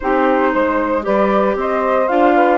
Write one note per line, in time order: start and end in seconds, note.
0.00 0.54 C4
0.00 1.02 D#4
0.00 0.52 G4
0.00 1.04 C5
0.52 1.06 G#3
0.52 1.04 C5
1.02 1.55 G3
1.02 2.06 G4
1.02 1.57 B4
1.02 1.56 D5
1.55 2.07 C4
1.55 2.35 C5
1.55 2.08 D#5
2.08 2.57 D4
2.08 2.57 F4
2.08 2.57 F5
2.35 2.57 B4